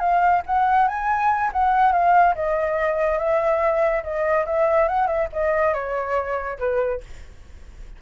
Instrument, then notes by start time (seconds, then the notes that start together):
flute
0.00 F5
0.46 F#5
0.88 G#5
1.53 F#5
1.92 F5
2.35 D#5
3.19 E5
4.04 D#5
4.46 E5
4.88 F#5
5.07 E5
5.33 D#5
5.74 C#5
6.59 B4